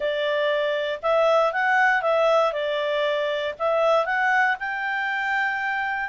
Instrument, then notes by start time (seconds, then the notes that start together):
clarinet
0.00 D5
1.02 E5
1.53 F#5
2.02 E5
2.52 D5
3.58 E5
4.05 F#5
4.59 G5